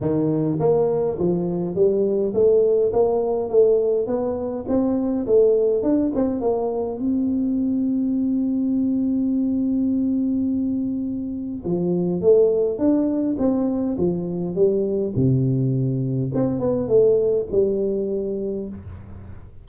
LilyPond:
\new Staff \with { instrumentName = "tuba" } { \time 4/4 \tempo 4 = 103 dis4 ais4 f4 g4 | a4 ais4 a4 b4 | c'4 a4 d'8 c'8 ais4 | c'1~ |
c'1 | f4 a4 d'4 c'4 | f4 g4 c2 | c'8 b8 a4 g2 | }